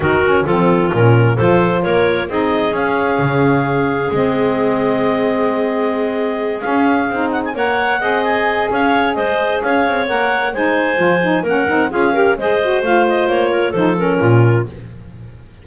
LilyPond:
<<
  \new Staff \with { instrumentName = "clarinet" } { \time 4/4 \tempo 4 = 131 ais'4 a'4 ais'4 c''4 | cis''4 dis''4 f''2~ | f''4 dis''2.~ | dis''2~ dis''8 f''4. |
fis''16 gis''16 fis''4. gis''4 f''4 | dis''4 f''4 fis''4 gis''4~ | gis''4 fis''4 f''4 dis''4 | f''8 dis''8 cis''4 c''8 ais'4. | }
  \new Staff \with { instrumentName = "clarinet" } { \time 4/4 fis'4 f'2 a'4 | ais'4 gis'2.~ | gis'1~ | gis'1~ |
gis'8 cis''4 dis''4. cis''4 | c''4 cis''2 c''4~ | c''4 ais'4 gis'8 ais'8 c''4~ | c''4. ais'8 a'4 f'4 | }
  \new Staff \with { instrumentName = "saxophone" } { \time 4/4 dis'8 cis'8 c'4 cis'4 f'4~ | f'4 dis'4 cis'2~ | cis'4 c'2.~ | c'2~ c'8 cis'4 dis'8~ |
dis'8 ais'4 gis'2~ gis'8~ | gis'2 ais'4 dis'4 | f'8 dis'8 cis'8 dis'8 f'8 g'8 gis'8 fis'8 | f'2 dis'8 cis'4. | }
  \new Staff \with { instrumentName = "double bass" } { \time 4/4 dis4 f4 ais,4 f4 | ais4 c'4 cis'4 cis4~ | cis4 gis2.~ | gis2~ gis8 cis'4 c'8~ |
c'8 ais4 c'4. cis'4 | gis4 cis'8 c'8 ais4 gis4 | f4 ais8 c'8 cis'4 gis4 | a4 ais4 f4 ais,4 | }
>>